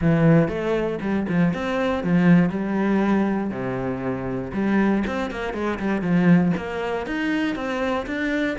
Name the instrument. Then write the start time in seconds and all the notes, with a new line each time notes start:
cello
0.01 E3
0.48 A3
1.01 G3
1.28 F3
1.53 C4
2.03 F3
2.49 G3
3.50 C3
4.53 G3
5.06 C4
5.31 A#3
5.53 G#3
5.79 G3
6.01 F3
6.56 A#3
7.06 D#4
7.55 C4
8.06 D4